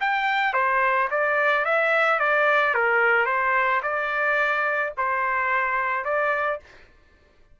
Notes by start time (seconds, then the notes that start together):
0.00 G5
0.53 C5
1.11 D5
1.65 E5
2.19 D5
2.74 A#4
3.26 C5
3.82 D5
4.97 C5
6.05 D5